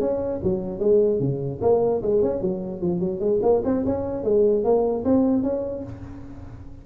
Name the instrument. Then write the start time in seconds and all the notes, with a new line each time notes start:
tuba
0.00 C#4
0.43 F#3
0.79 G#3
1.20 C#3
1.61 A#3
2.02 G#3
2.22 C#4
2.41 F#3
2.81 F3
3.00 F#3
3.20 G#3
3.42 A#3
3.64 C4
3.85 C#4
4.24 G#3
4.64 A#3
5.04 C4
5.43 C#4